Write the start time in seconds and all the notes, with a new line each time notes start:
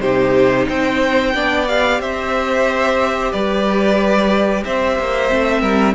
0.00 C3 D#4 G4 C5
0.68 C4 C5 G5
1.34 B3 D4 D5
1.68 G4 F5
2.00 C4 C5 E5
3.31 G3 B4 D5
4.64 C4 C5 E5
4.99 A#3
5.28 A3 C4
5.61 G3 A#4